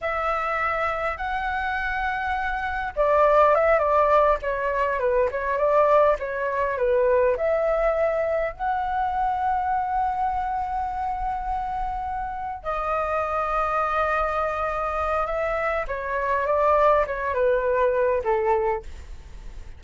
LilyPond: \new Staff \with { instrumentName = "flute" } { \time 4/4 \tempo 4 = 102 e''2 fis''2~ | fis''4 d''4 e''8 d''4 cis''8~ | cis''8 b'8 cis''8 d''4 cis''4 b'8~ | b'8 e''2 fis''4.~ |
fis''1~ | fis''4. dis''2~ dis''8~ | dis''2 e''4 cis''4 | d''4 cis''8 b'4. a'4 | }